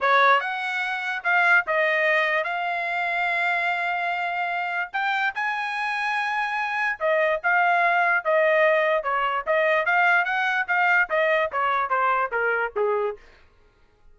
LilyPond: \new Staff \with { instrumentName = "trumpet" } { \time 4/4 \tempo 4 = 146 cis''4 fis''2 f''4 | dis''2 f''2~ | f''1 | g''4 gis''2.~ |
gis''4 dis''4 f''2 | dis''2 cis''4 dis''4 | f''4 fis''4 f''4 dis''4 | cis''4 c''4 ais'4 gis'4 | }